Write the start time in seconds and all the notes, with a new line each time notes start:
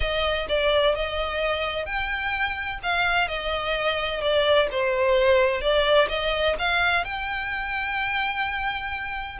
0.00 D#5
0.48 D5
0.95 D#5
1.85 G5
2.82 F5
3.27 D#5
4.21 D5
4.71 C5
5.61 D5
6.09 D#5
6.58 F5
7.04 G5